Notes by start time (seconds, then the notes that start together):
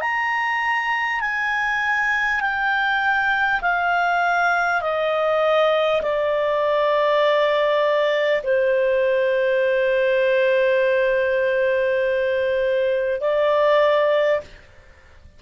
0.00 A#5
1.20 G#5
2.41 G5
3.61 F5
4.81 D#5
6.01 D5
8.43 C5
13.21 D5